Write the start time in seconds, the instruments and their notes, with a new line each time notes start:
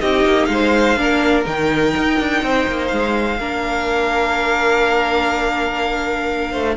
0.00 cello C4, viola D#4, violin G4 D#5
0.24 cello A#3
0.45 cello G#3, violin F5
0.51 violin C5
0.96 cello A#3, viola D4, violin A#4
1.44 cello D#3, viola D#4, violin G5
1.96 cello D#4
2.19 cello D4
2.42 cello C4, violin C5
2.67 cello A#3
2.87 cello G#3, violin F5
3.39 cello A#3, viola D4, violin A#4
6.51 cello A3, violin C5